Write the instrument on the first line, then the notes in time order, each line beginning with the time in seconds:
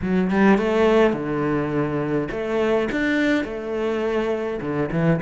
cello
0.01 F#3
0.30 G3
0.57 A3
1.12 D3
2.31 A3
2.91 D4
3.44 A3
4.61 D3
4.91 E3